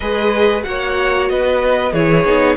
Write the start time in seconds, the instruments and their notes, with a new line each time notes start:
0.00 cello G#3, viola G#4, violin B4 D#5
0.62 cello A#3, viola F#4, violin C#5 F#5
1.29 cello B3, violin B4 D#5
1.92 cello E3, viola E4, violin G#4 C#5
2.24 cello B3, viola D#4